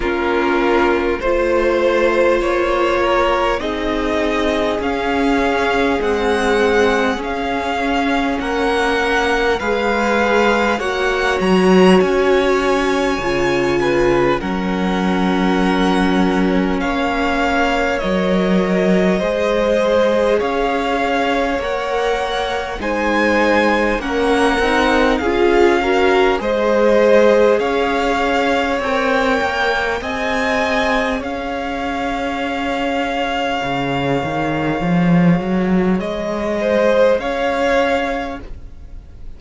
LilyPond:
<<
  \new Staff \with { instrumentName = "violin" } { \time 4/4 \tempo 4 = 50 ais'4 c''4 cis''4 dis''4 | f''4 fis''4 f''4 fis''4 | f''4 fis''8 ais''8 gis''2 | fis''2 f''4 dis''4~ |
dis''4 f''4 fis''4 gis''4 | fis''4 f''4 dis''4 f''4 | g''4 gis''4 f''2~ | f''2 dis''4 f''4 | }
  \new Staff \with { instrumentName = "violin" } { \time 4/4 f'4 c''4. ais'8 gis'4~ | gis'2. ais'4 | b'4 cis''2~ cis''8 b'8 | ais'2 cis''2 |
c''4 cis''2 c''4 | ais'4 gis'8 ais'8 c''4 cis''4~ | cis''4 dis''4 cis''2~ | cis''2~ cis''8 c''8 cis''4 | }
  \new Staff \with { instrumentName = "viola" } { \time 4/4 cis'4 f'2 dis'4 | cis'4 gis4 cis'2 | gis'4 fis'2 f'4 | cis'2. ais'4 |
gis'2 ais'4 dis'4 | cis'8 dis'8 f'8 fis'8 gis'2 | ais'4 gis'2.~ | gis'1 | }
  \new Staff \with { instrumentName = "cello" } { \time 4/4 ais4 a4 ais4 c'4 | cis'4 c'4 cis'4 ais4 | gis4 ais8 fis8 cis'4 cis4 | fis2 ais4 fis4 |
gis4 cis'4 ais4 gis4 | ais8 c'8 cis'4 gis4 cis'4 | c'8 ais8 c'4 cis'2 | cis8 dis8 f8 fis8 gis4 cis'4 | }
>>